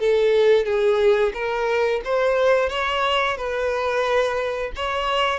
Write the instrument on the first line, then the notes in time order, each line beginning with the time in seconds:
violin
0.00 A4
0.66 G#4
1.34 A#4
2.05 C5
2.70 C#5
3.37 B4
4.76 C#5